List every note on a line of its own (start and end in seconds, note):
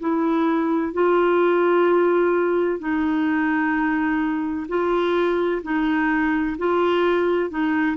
0.00 0.93 E4
0.93 2.79 F4
2.79 4.67 D#4
4.68 5.62 F4
5.63 6.57 D#4
6.58 7.50 F4
7.50 7.97 D#4